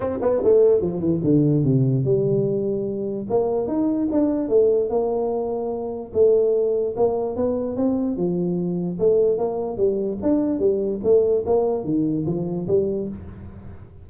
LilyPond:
\new Staff \with { instrumentName = "tuba" } { \time 4/4 \tempo 4 = 147 c'8 b8 a4 f8 e8 d4 | c4 g2. | ais4 dis'4 d'4 a4 | ais2. a4~ |
a4 ais4 b4 c'4 | f2 a4 ais4 | g4 d'4 g4 a4 | ais4 dis4 f4 g4 | }